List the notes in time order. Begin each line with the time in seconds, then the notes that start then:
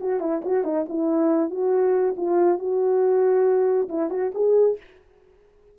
0.00 F#4
0.20 E4
0.45 F#4
0.64 D#4
0.88 E4
1.50 F#4
2.17 F4
2.59 F#4
3.88 E4
4.10 F#4
4.34 G#4